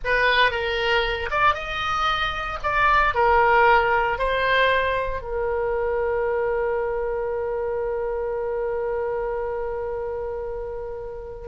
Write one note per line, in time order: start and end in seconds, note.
0.04 0.51 B4
0.51 1.29 A#4
1.30 1.54 D5
1.54 2.58 D#5
2.63 3.14 D5
3.14 4.18 A#4
4.18 5.21 C5
5.21 11.47 A#4